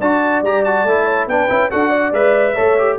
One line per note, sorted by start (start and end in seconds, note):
0.00 0.42 D4
0.00 0.45 F#4
0.00 1.05 D5
0.00 0.43 A5
0.42 0.84 G3
0.42 0.66 G4
0.42 0.64 A#5
0.64 0.87 F#4
0.64 1.28 A5
0.84 1.27 A3
0.84 1.29 E4
1.05 1.26 C#5
1.27 1.48 B3
1.27 1.48 D4
1.27 1.71 B4
1.27 1.70 G5
1.48 1.71 C#4
1.48 1.70 E4
1.70 2.11 D4
1.70 2.13 F#4
1.70 1.88 A4
1.70 2.13 F#5
1.88 2.52 D5
2.11 2.54 G#3
2.11 2.55 B4
2.11 2.98 E5
2.54 2.98 A3
2.54 2.77 A4
2.54 2.96 C#5
2.78 2.98 G4